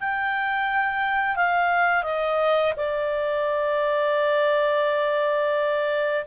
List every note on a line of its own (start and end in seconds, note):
0.00 1.36 G5
1.36 2.03 F5
2.03 2.73 D#5
2.76 6.25 D5